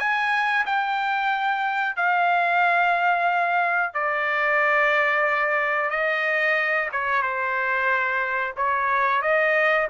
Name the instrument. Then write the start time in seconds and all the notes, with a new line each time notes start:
trumpet
0.00 G#5
0.66 G5
1.97 F5
3.94 D5
5.91 D#5
6.93 C#5
7.23 C5
8.57 C#5
9.22 D#5